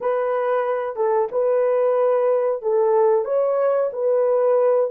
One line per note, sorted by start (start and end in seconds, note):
0.01 0.95 B4
0.95 1.28 A4
1.31 2.61 B4
2.61 3.25 A4
3.25 3.90 C#5
3.92 4.90 B4